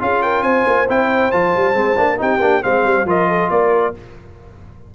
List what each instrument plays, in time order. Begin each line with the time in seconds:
0.00 tuba C#4, trombone F4, horn G#4, trumpet F5
0.22 horn A#4, trumpet G5
0.43 tuba C4, horn C5, trumpet G#5
0.66 tuba A#3
0.89 tuba C4, trombone E4, trumpet G5
1.32 tuba F3, trombone F4, trumpet A5
1.56 tuba G3
1.73 tuba G#3, trombone C4
1.97 tuba A#3, trombone D4
2.18 tuba C4, trombone D#4, horn G4, trumpet G5
2.41 tuba A#3, trombone D4
2.62 tuba G#3, trombone C4, horn C5, trumpet F5
2.84 tuba G3
3.05 tuba F3, trombone F4, horn A#4, trumpet D#5
3.28 horn A4
3.50 tuba A#3, horn A#4, trumpet D5